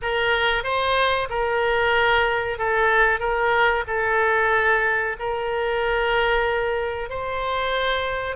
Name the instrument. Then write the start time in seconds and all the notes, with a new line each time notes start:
oboe
0.01 A#4
0.63 C5
1.29 A#4
2.58 A4
3.19 A#4
3.87 A4
5.19 A#4
7.09 C5